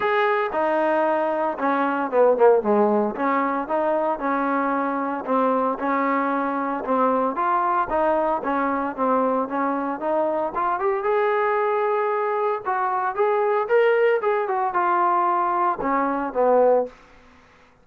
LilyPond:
\new Staff \with { instrumentName = "trombone" } { \time 4/4 \tempo 4 = 114 gis'4 dis'2 cis'4 | b8 ais8 gis4 cis'4 dis'4 | cis'2 c'4 cis'4~ | cis'4 c'4 f'4 dis'4 |
cis'4 c'4 cis'4 dis'4 | f'8 g'8 gis'2. | fis'4 gis'4 ais'4 gis'8 fis'8 | f'2 cis'4 b4 | }